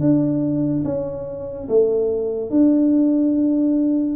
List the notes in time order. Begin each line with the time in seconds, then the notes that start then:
0.00 D4
0.84 C#4
1.68 A3
2.50 D4